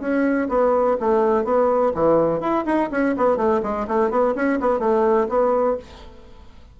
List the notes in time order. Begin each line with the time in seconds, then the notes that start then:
0.00 C#4
0.48 B3
1.00 A3
1.44 B3
1.94 E3
2.40 E4
2.65 D#4
2.91 C#4
3.17 B3
3.36 A3
3.63 G#3
3.87 A3
4.10 B3
4.35 C#4
4.60 B3
4.79 A3
5.29 B3